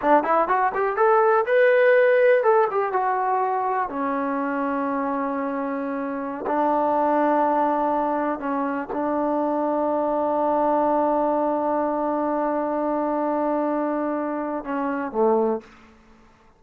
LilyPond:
\new Staff \with { instrumentName = "trombone" } { \time 4/4 \tempo 4 = 123 d'8 e'8 fis'8 g'8 a'4 b'4~ | b'4 a'8 g'8 fis'2 | cis'1~ | cis'4~ cis'16 d'2~ d'8.~ |
d'4~ d'16 cis'4 d'4.~ d'16~ | d'1~ | d'1~ | d'2 cis'4 a4 | }